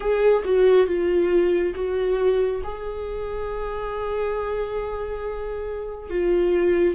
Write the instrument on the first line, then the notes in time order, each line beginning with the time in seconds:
viola
0.00 G#4
0.44 F#4
0.87 F4
1.74 F#4
2.63 G#4
6.09 F4